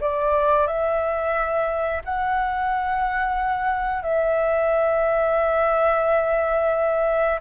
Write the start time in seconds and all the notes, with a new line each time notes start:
0.00 D5
0.67 E5
2.04 F#5
4.02 E5